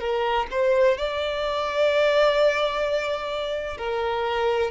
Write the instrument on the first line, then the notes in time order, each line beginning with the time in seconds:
violin
0.00 A#4
0.51 C5
0.98 D5
3.78 A#4